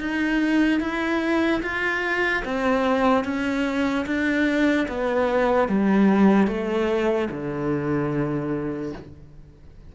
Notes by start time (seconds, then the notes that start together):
0.00 D#4
0.80 E4
1.62 F4
2.45 C4
3.25 C#4
4.06 D4
4.88 B3
5.69 G3
6.47 A3
7.31 D3